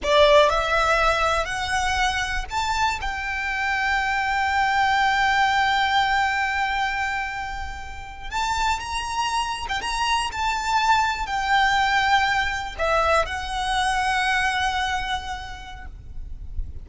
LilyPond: \new Staff \with { instrumentName = "violin" } { \time 4/4 \tempo 4 = 121 d''4 e''2 fis''4~ | fis''4 a''4 g''2~ | g''1~ | g''1~ |
g''8. a''4 ais''4.~ ais''16 g''16 ais''16~ | ais''8. a''2 g''4~ g''16~ | g''4.~ g''16 e''4 fis''4~ fis''16~ | fis''1 | }